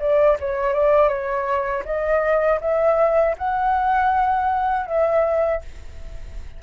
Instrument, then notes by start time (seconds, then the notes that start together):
flute
0.00 D5
0.41 C#5
0.74 D5
1.09 C#5
1.85 D#5
2.61 E5
3.38 F#5
4.87 E5